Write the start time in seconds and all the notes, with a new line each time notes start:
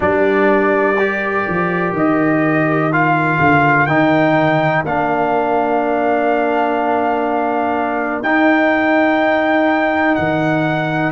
0.00 G3 D4 A#4 D5
0.98 G4
1.48 F3
1.92 D#3 D#5
2.92 F4 F5
3.40 D3
3.86 D#3 D#4 G5
4.84 A#3 D4 F5
8.22 D#4 G5
10.15 D#3 F#5